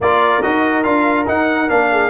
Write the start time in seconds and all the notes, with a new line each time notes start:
0.00 A#3 F4 A#4 D5
0.42 D#4 F#4 D#5
0.83 D4 F4 F5
1.26 D#4 F#5
1.68 A#3 D4 F5
1.91 G#4